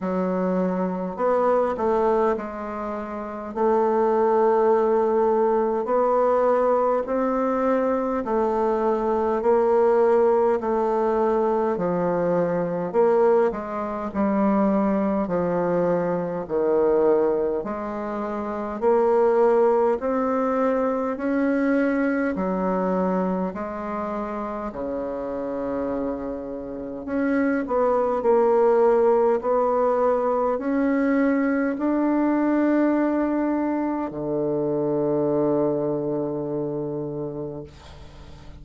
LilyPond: \new Staff \with { instrumentName = "bassoon" } { \time 4/4 \tempo 4 = 51 fis4 b8 a8 gis4 a4~ | a4 b4 c'4 a4 | ais4 a4 f4 ais8 gis8 | g4 f4 dis4 gis4 |
ais4 c'4 cis'4 fis4 | gis4 cis2 cis'8 b8 | ais4 b4 cis'4 d'4~ | d'4 d2. | }